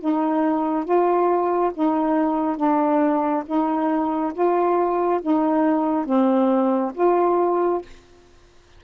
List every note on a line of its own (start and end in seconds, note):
0.00 0.85 D#4
0.85 1.72 F4
1.74 2.57 D#4
2.57 3.44 D4
3.46 4.33 D#4
4.34 5.21 F4
5.22 6.06 D#4
6.06 6.92 C4
6.94 7.81 F4